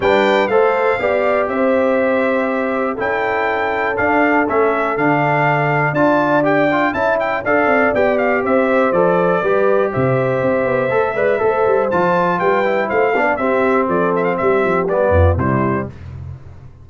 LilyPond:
<<
  \new Staff \with { instrumentName = "trumpet" } { \time 4/4 \tempo 4 = 121 g''4 f''2 e''4~ | e''2 g''2 | f''4 e''4 f''2 | a''4 g''4 a''8 g''8 f''4 |
g''8 f''8 e''4 d''2 | e''1 | a''4 g''4 f''4 e''4 | d''8 e''16 f''16 e''4 d''4 c''4 | }
  \new Staff \with { instrumentName = "horn" } { \time 4/4 b'4 c''4 d''4 c''4~ | c''2 a'2~ | a'1 | d''2 e''4 d''4~ |
d''4 c''2 b'4 | c''2~ c''8 d''8 c''4~ | c''4 b'4 c''8 d''8 g'4 | a'4 g'4. f'8 e'4 | }
  \new Staff \with { instrumentName = "trombone" } { \time 4/4 d'4 a'4 g'2~ | g'2 e'2 | d'4 cis'4 d'2 | f'4 g'8 f'8 e'4 a'4 |
g'2 a'4 g'4~ | g'2 a'8 b'8 a'4 | f'4. e'4 d'8 c'4~ | c'2 b4 g4 | }
  \new Staff \with { instrumentName = "tuba" } { \time 4/4 g4 a4 b4 c'4~ | c'2 cis'2 | d'4 a4 d2 | d'2 cis'4 d'8 c'8 |
b4 c'4 f4 g4 | c4 c'8 b8 a8 gis8 a8 g8 | f4 g4 a8 b8 c'4 | f4 g8 f8 g8 f,8 c4 | }
>>